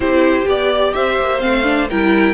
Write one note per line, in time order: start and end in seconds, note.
0.00 0.45 C4
0.00 0.46 E4
0.00 0.95 G4
0.00 0.47 C5
0.46 0.93 B3
0.46 1.40 G4
0.46 0.93 D5
0.93 1.19 C4
0.93 1.89 C5
0.93 1.40 E5
1.19 1.43 A#3
1.40 1.90 A3
1.40 1.63 C4
1.40 1.87 F5
1.63 1.87 D4
1.89 2.33 G3
1.89 2.33 E4
1.89 2.33 A#4
1.89 2.33 G5